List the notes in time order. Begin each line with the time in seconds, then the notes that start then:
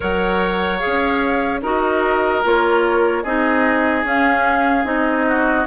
0.00 F#3 A#4 C#5 F#5
0.79 G#4 F5
0.85 C#4
1.62 D#4 F#4 A#4 D#5
2.43 A#3 F4 C#5
3.23 C4 D#4 G#4 D#5
4.03 C#4 F5
4.84 C4 D#4 D#5
5.27 F#4